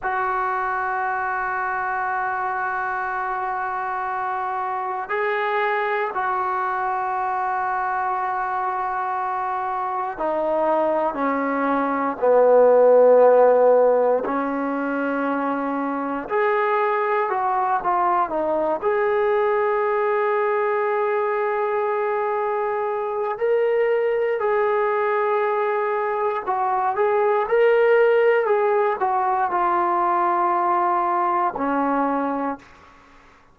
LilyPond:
\new Staff \with { instrumentName = "trombone" } { \time 4/4 \tempo 4 = 59 fis'1~ | fis'4 gis'4 fis'2~ | fis'2 dis'4 cis'4 | b2 cis'2 |
gis'4 fis'8 f'8 dis'8 gis'4.~ | gis'2. ais'4 | gis'2 fis'8 gis'8 ais'4 | gis'8 fis'8 f'2 cis'4 | }